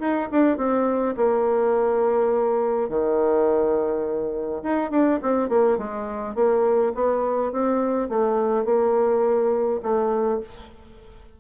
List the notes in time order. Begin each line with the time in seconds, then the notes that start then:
0.00 D#4
0.32 D4
0.58 C4
1.17 A#3
2.90 D#3
4.63 D#4
4.91 D4
5.23 C4
5.49 A#3
5.78 G#3
6.35 A#3
6.95 B3
7.53 C4
8.10 A3
8.65 A#3
9.83 A3